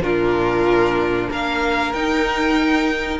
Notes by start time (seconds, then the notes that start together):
0.00 A#2 D4 F4 A#4
1.30 A#3 A#4 F5
1.92 D#4 G5